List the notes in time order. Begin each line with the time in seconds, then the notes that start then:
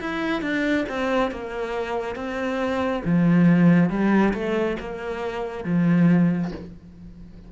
0.00 E4
0.42 D4
0.88 C4
1.31 A#3
2.15 C4
3.04 F3
3.89 G3
4.33 A3
4.79 A#3
5.64 F3